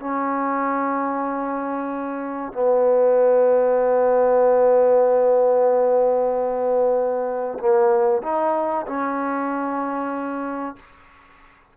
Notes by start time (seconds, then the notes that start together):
0.00 C#4
2.53 B3
7.59 A#3
8.23 D#4
8.87 C#4